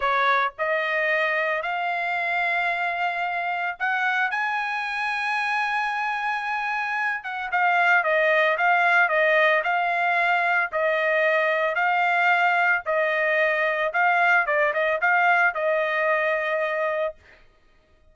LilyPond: \new Staff \with { instrumentName = "trumpet" } { \time 4/4 \tempo 4 = 112 cis''4 dis''2 f''4~ | f''2. fis''4 | gis''1~ | gis''4. fis''8 f''4 dis''4 |
f''4 dis''4 f''2 | dis''2 f''2 | dis''2 f''4 d''8 dis''8 | f''4 dis''2. | }